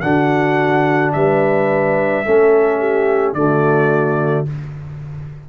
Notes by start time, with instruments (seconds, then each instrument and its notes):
0.00 tuba D3, trombone D4, horn F#4, trumpet F#5
1.12 tuba G3, horn B4, trumpet E5
2.25 tuba A3, trombone C#4, horn A4
2.79 horn G4
3.33 tuba D3, trombone A3, horn F#4, trumpet D5